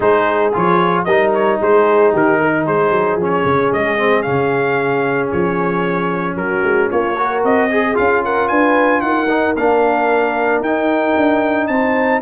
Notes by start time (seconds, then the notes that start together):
0.00 G#3 D#4 G#4 C5
0.53 F3 F4 C#5
1.04 G3 D#4 A#4 D#5
1.34 C#5
1.61 G#3 G#4 C5
2.12 D#3 G4 A#4
2.40 A#4
2.65 G#3 G#4 C5
2.90 F#3
3.16 F3 C#4
3.23 C#5
3.44 C#3
3.72 G#3 D#5
3.97 C4
4.22 C#3 C#4 F5
5.31 F3 C#5
6.35 F#3 F#4 A#4
6.63 G#3
6.90 A#3 F4 C#5
7.16 F#4 A#4
7.44 C4 D#5
7.71 G#4
7.94 C#4 F4 F5
8.24 A#4 F#5
8.48 D4 B4 G#5
9.01 D#4 A#4 F#5
9.28 D#4
9.56 A#3 D4 F5
10.60 D#4 G5
11.16 D4
11.67 C4 C5 A5